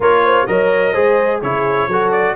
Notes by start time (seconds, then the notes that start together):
0.00 A#3 F4 A#4 C#5
0.24 C5
0.46 F#3 A#4 C#5 D#5
0.92 G#3 G#4 C5
1.41 C#3 E4 G#4 C#5
1.87 F#3 F#4 A4
2.11 D5